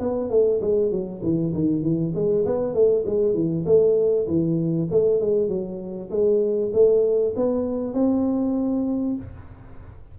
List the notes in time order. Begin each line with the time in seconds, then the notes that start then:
0.00 B3
0.30 A3
0.62 G#3
0.92 F#3
1.23 E3
1.54 D#3
1.83 E3
2.15 G#3
2.46 B3
2.74 A3
3.06 G#3
3.35 E3
3.66 A3
4.27 E3
4.91 A3
5.21 G#3
5.49 F#3
6.11 G#3
6.74 A3
7.36 B3
7.94 C4